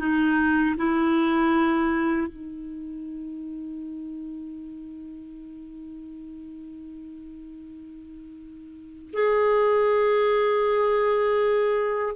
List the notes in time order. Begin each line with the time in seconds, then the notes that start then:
0.00 D#4
0.77 E4
2.28 D#4
9.13 G#4